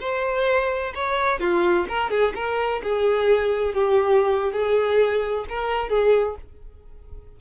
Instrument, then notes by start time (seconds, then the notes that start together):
violin
0.00 C5
0.95 C#5
1.40 F4
1.89 A#4
2.10 G#4
2.35 A#4
2.83 G#4
3.74 G4
4.52 G#4
5.49 A#4
5.89 G#4